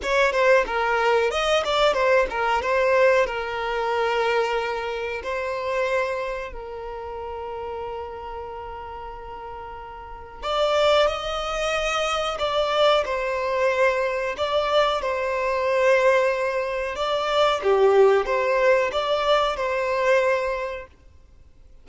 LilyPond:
\new Staff \with { instrumentName = "violin" } { \time 4/4 \tempo 4 = 92 cis''8 c''8 ais'4 dis''8 d''8 c''8 ais'8 | c''4 ais'2. | c''2 ais'2~ | ais'1 |
d''4 dis''2 d''4 | c''2 d''4 c''4~ | c''2 d''4 g'4 | c''4 d''4 c''2 | }